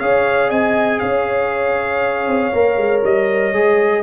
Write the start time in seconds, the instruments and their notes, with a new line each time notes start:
0.00 tuba C#4, trombone G#4, horn C#5, trumpet F5
0.48 tuba C4, horn D#5, trumpet G#5
1.00 tuba C#4, horn C#5, trumpet F5
2.27 tuba C4
2.53 tuba A#3, trombone A#4
2.77 tuba G#3
3.04 tuba G3, trumpet D#5
3.53 tuba G#3, trombone G#4